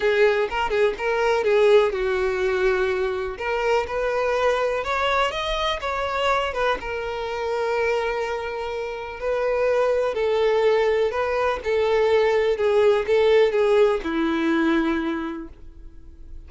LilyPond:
\new Staff \with { instrumentName = "violin" } { \time 4/4 \tempo 4 = 124 gis'4 ais'8 gis'8 ais'4 gis'4 | fis'2. ais'4 | b'2 cis''4 dis''4 | cis''4. b'8 ais'2~ |
ais'2. b'4~ | b'4 a'2 b'4 | a'2 gis'4 a'4 | gis'4 e'2. | }